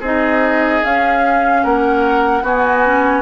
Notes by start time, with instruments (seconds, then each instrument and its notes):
0.00 bassoon C4, clarinet D#4, oboe G#4, flute D#5
0.83 clarinet C#4, bassoon C#4, flute F5
1.64 bassoon A#3, oboe A#4, flute F#5
2.42 bassoon B3, clarinet B3, oboe F#4, flute G#5
2.84 clarinet C#4